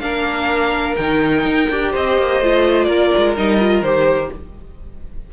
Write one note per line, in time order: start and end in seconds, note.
0.00 0.96 A#3
0.00 0.97 D4
0.00 1.92 A#4
0.00 0.95 F5
0.96 1.45 D#3
0.96 1.71 D#4
0.96 1.92 G5
1.45 1.69 D#4
1.70 1.94 D4
1.70 2.42 G4
1.92 2.18 C4
1.92 2.87 C5
1.92 2.84 D#5
2.18 2.40 A#3
2.40 2.87 A3
2.40 3.36 F4
2.84 3.11 A#3
2.84 4.30 A#4
2.84 3.32 D5
3.17 3.38 G#3
3.36 3.81 G3
3.36 3.60 D#4
3.36 3.83 D#5
3.60 3.84 F4
3.81 4.29 D#3
3.81 4.33 G4
3.81 4.30 C5